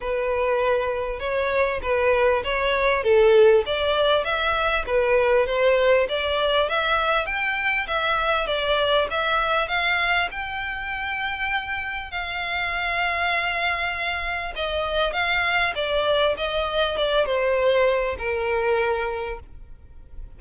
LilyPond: \new Staff \with { instrumentName = "violin" } { \time 4/4 \tempo 4 = 99 b'2 cis''4 b'4 | cis''4 a'4 d''4 e''4 | b'4 c''4 d''4 e''4 | g''4 e''4 d''4 e''4 |
f''4 g''2. | f''1 | dis''4 f''4 d''4 dis''4 | d''8 c''4. ais'2 | }